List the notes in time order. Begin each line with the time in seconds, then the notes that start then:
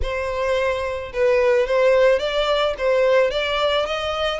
0.02 C5
1.13 B4
1.66 C5
2.19 D5
2.78 C5
3.31 D5
3.86 D#5